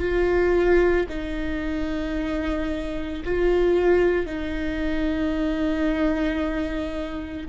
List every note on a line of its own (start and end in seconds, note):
0.00 1.07 F4
1.09 3.23 D#4
3.25 4.27 F4
4.27 7.48 D#4